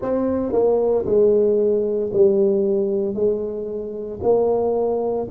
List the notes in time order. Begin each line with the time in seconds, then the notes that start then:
0.01 C4
0.52 A#3
1.05 G#3
2.12 G3
3.14 G#3
4.22 A#3